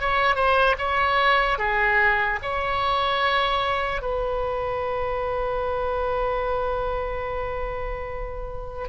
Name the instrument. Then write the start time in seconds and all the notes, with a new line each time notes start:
oboe
0.00 C#5
0.35 C5
0.78 C#5
1.58 G#4
2.42 C#5
4.01 B4